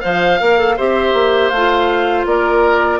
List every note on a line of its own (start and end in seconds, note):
0.00 0.40 F3
0.00 0.38 C5
0.00 0.75 F5
0.00 0.78 F5
0.40 0.78 A#3
0.40 0.58 A#4
0.58 0.77 A4
0.76 1.13 C4
0.76 1.53 G4
0.76 2.26 C5
0.76 1.49 E5
1.13 1.50 A#3
1.49 2.25 A3
1.49 2.24 F5
1.56 2.99 F4
2.25 2.99 A#3
2.25 2.99 A#4
2.25 2.99 D5